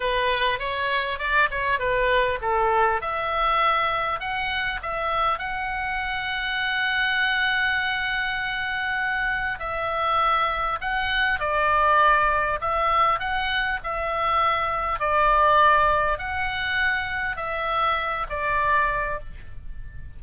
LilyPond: \new Staff \with { instrumentName = "oboe" } { \time 4/4 \tempo 4 = 100 b'4 cis''4 d''8 cis''8 b'4 | a'4 e''2 fis''4 | e''4 fis''2.~ | fis''1 |
e''2 fis''4 d''4~ | d''4 e''4 fis''4 e''4~ | e''4 d''2 fis''4~ | fis''4 e''4. d''4. | }